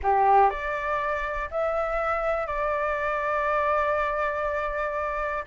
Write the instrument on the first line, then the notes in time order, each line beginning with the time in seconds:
flute
0.02 G4
0.50 D5
1.50 E5
2.47 D5